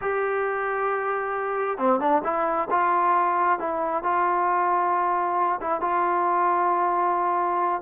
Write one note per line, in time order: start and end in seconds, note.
0.01 1.78 G4
1.78 1.99 C4
1.99 2.22 D4
2.23 2.68 E4
2.70 3.59 F4
3.59 4.03 E4
4.03 5.60 F4
5.61 5.80 E4
5.80 7.81 F4